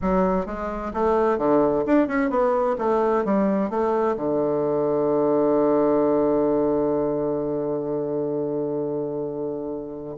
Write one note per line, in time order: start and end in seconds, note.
0.01 0.46 F#3
0.46 0.92 G#3
0.93 1.38 A3
1.38 1.84 D3
1.86 2.07 D4
2.07 2.30 C#4
2.30 2.76 B3
2.78 3.24 A3
3.24 3.70 G3
3.70 4.16 A3
4.16 10.16 D3